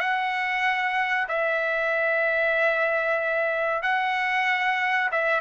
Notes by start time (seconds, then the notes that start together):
0.00 F#5
1.29 E5
3.82 F#5
5.12 E5